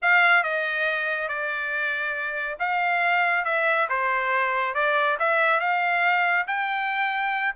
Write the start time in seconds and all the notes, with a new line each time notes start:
0.01 F5
0.43 D#5
1.28 D5
2.59 F5
3.45 E5
3.89 C5
4.74 D5
5.19 E5
5.60 F5
6.47 G5